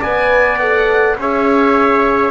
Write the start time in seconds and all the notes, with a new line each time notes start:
0.00 B3 B4 D5 G#5
0.59 A4 F#5
1.18 C#4 G#4 C#5 E5